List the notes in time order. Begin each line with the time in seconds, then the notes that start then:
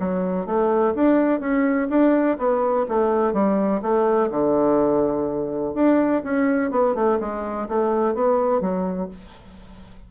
0.00 F#3
0.46 A3
0.95 D4
1.40 C#4
1.90 D4
2.38 B3
2.89 A3
3.33 G3
3.82 A3
4.30 D3
5.75 D4
6.24 C#4
6.71 B3
6.95 A3
7.20 G#3
7.69 A3
8.15 B3
8.61 F#3